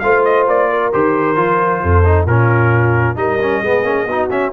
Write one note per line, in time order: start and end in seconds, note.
0.00 0.48 A3
0.00 0.93 F4
0.00 0.70 C5
0.00 0.23 F5
0.25 0.47 D#5
0.48 0.93 A#3
0.48 0.93 D5
0.70 1.83 A#4
0.93 1.37 D#3
0.93 1.36 G4
0.93 2.27 C5
1.36 1.82 F3
1.36 2.04 F4
1.83 2.26 F2
1.83 2.26 A4
2.05 2.27 D#4
2.26 3.16 A#2
2.26 3.16 C#4
2.26 3.16 F4
2.26 3.17 A#4
3.16 3.62 G3
3.16 3.39 D#4
3.16 3.62 A#4
3.16 4.30 D#5
3.42 3.64 C#4
3.62 3.83 G#3
3.62 3.84 B3
3.62 4.07 G#4
3.83 4.06 A#3
3.83 4.07 C#4
4.06 4.28 B3
4.06 4.30 D#4
4.06 4.53 F#4
4.30 4.53 C#4
4.30 4.53 E5